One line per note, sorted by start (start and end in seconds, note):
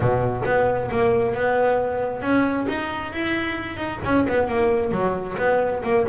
0.00 0.43 B2
0.45 0.90 B3
0.90 1.34 A#3
1.34 2.21 B3
2.21 2.66 C#4
2.68 3.13 D#4
3.13 3.76 E4
3.76 3.99 D#4
4.04 4.26 C#4
4.28 4.48 B3
4.48 4.91 A#3
4.91 5.36 F#3
5.37 5.82 B3
5.83 6.05 A#3